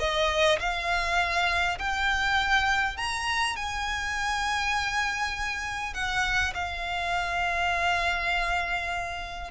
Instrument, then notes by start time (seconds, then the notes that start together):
violin
0.00 D#5
0.60 F5
1.79 G5
2.98 A#5
3.57 G#5
5.94 F#5
6.55 F5